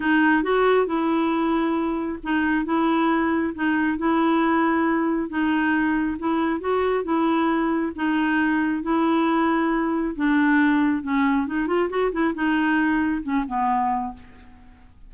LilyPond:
\new Staff \with { instrumentName = "clarinet" } { \time 4/4 \tempo 4 = 136 dis'4 fis'4 e'2~ | e'4 dis'4 e'2 | dis'4 e'2. | dis'2 e'4 fis'4 |
e'2 dis'2 | e'2. d'4~ | d'4 cis'4 dis'8 f'8 fis'8 e'8 | dis'2 cis'8 b4. | }